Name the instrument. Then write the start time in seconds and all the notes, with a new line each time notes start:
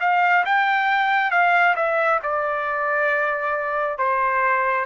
trumpet
0.00 F5
0.45 G5
1.31 F5
1.76 E5
2.23 D5
3.98 C5